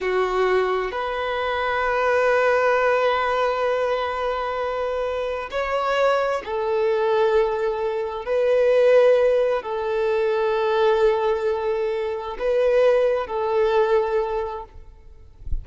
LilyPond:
\new Staff \with { instrumentName = "violin" } { \time 4/4 \tempo 4 = 131 fis'2 b'2~ | b'1~ | b'1 | cis''2 a'2~ |
a'2 b'2~ | b'4 a'2.~ | a'2. b'4~ | b'4 a'2. | }